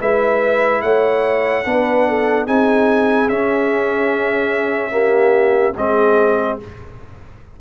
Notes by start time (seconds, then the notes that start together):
0.00 G#3 E4 B4 E5
0.82 A3 C#5 F#5
1.65 B3 D4 B4
2.08 A4
2.45 C4 D#4 G#4 G#5
3.28 C#4 E5
4.90 A#3 G4
5.75 G#3 C4 G#4 D#5